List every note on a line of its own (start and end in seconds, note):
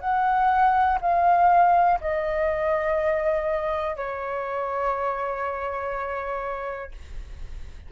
0.00 0.98 F#5
1.01 1.99 F5
2.00 3.96 D#5
3.96 6.91 C#5